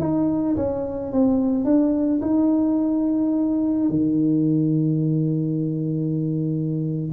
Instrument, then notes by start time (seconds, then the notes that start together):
tuba
0.00 D#4
0.57 C#4
1.13 C4
1.65 D4
2.22 D#4
3.90 D#3